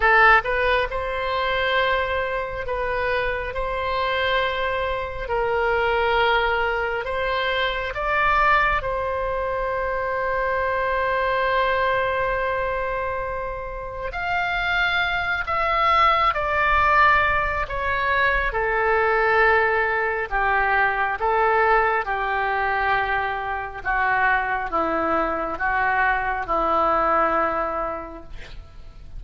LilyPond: \new Staff \with { instrumentName = "oboe" } { \time 4/4 \tempo 4 = 68 a'8 b'8 c''2 b'4 | c''2 ais'2 | c''4 d''4 c''2~ | c''1 |
f''4. e''4 d''4. | cis''4 a'2 g'4 | a'4 g'2 fis'4 | e'4 fis'4 e'2 | }